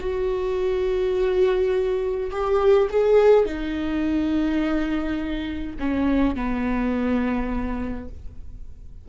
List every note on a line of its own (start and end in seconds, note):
0.00 2.31 F#4
2.31 2.88 G4
2.90 3.46 G#4
3.46 5.76 D#4
5.80 6.35 C#4
6.35 8.08 B3